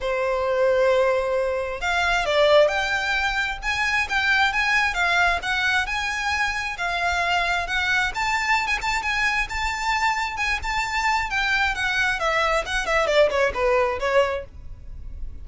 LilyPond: \new Staff \with { instrumentName = "violin" } { \time 4/4 \tempo 4 = 133 c''1 | f''4 d''4 g''2 | gis''4 g''4 gis''4 f''4 | fis''4 gis''2 f''4~ |
f''4 fis''4 a''4~ a''16 gis''16 a''8 | gis''4 a''2 gis''8 a''8~ | a''4 g''4 fis''4 e''4 | fis''8 e''8 d''8 cis''8 b'4 cis''4 | }